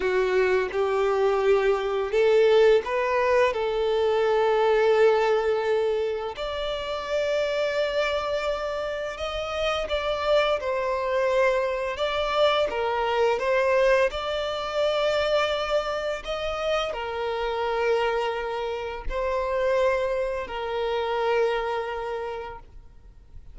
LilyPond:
\new Staff \with { instrumentName = "violin" } { \time 4/4 \tempo 4 = 85 fis'4 g'2 a'4 | b'4 a'2.~ | a'4 d''2.~ | d''4 dis''4 d''4 c''4~ |
c''4 d''4 ais'4 c''4 | d''2. dis''4 | ais'2. c''4~ | c''4 ais'2. | }